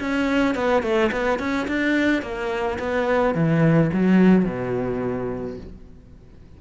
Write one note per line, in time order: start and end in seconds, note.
0.00 0.55 C#4
0.55 0.83 B3
0.83 1.11 A3
1.12 1.40 B3
1.40 1.68 C#4
1.68 2.23 D4
2.23 2.79 A#3
2.79 3.35 B3
3.35 3.91 E3
3.94 4.46 F#3
4.46 5.58 B2